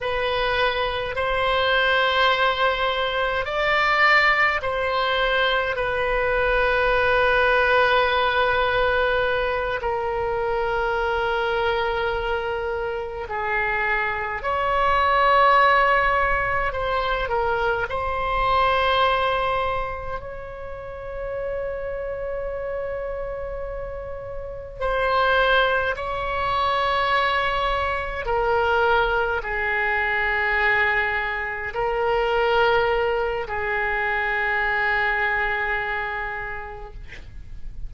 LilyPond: \new Staff \with { instrumentName = "oboe" } { \time 4/4 \tempo 4 = 52 b'4 c''2 d''4 | c''4 b'2.~ | b'8 ais'2. gis'8~ | gis'8 cis''2 c''8 ais'8 c''8~ |
c''4. cis''2~ cis''8~ | cis''4. c''4 cis''4.~ | cis''8 ais'4 gis'2 ais'8~ | ais'4 gis'2. | }